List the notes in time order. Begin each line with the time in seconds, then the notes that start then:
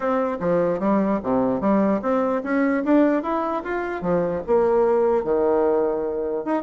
0.00 C4
0.40 F3
0.79 G3
1.23 C3
1.60 G3
2.02 C4
2.43 C#4
2.84 D4
3.22 E4
3.63 F4
4.01 F3
4.46 A#3
5.24 D#3
6.44 D#4